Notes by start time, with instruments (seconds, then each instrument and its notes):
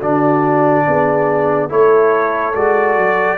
0.00 tuba D3, trombone D4, horn F#4, trumpet D5
0.88 tuba B3, horn G#4
1.69 tuba A3, trombone E4, horn A4, trumpet C#5
2.55 tuba G#3, trombone F#4, trumpet D5
2.98 tuba F#3